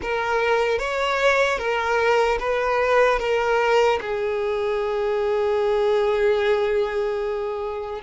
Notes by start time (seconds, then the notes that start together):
0.01 A#4
0.78 C#5
1.58 A#4
2.39 B4
3.19 A#4
4.01 G#4